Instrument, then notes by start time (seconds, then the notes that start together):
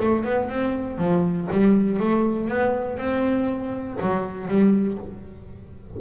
double bass
0.00 A3
0.25 B3
0.49 C4
0.98 F3
1.52 G3
2.00 A3
2.48 B3
2.97 C4
4.01 F#3
4.48 G3